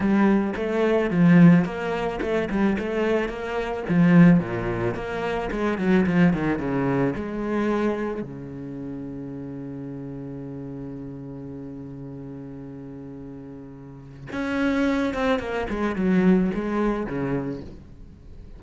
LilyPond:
\new Staff \with { instrumentName = "cello" } { \time 4/4 \tempo 4 = 109 g4 a4 f4 ais4 | a8 g8 a4 ais4 f4 | ais,4 ais4 gis8 fis8 f8 dis8 | cis4 gis2 cis4~ |
cis1~ | cis1~ | cis2 cis'4. c'8 | ais8 gis8 fis4 gis4 cis4 | }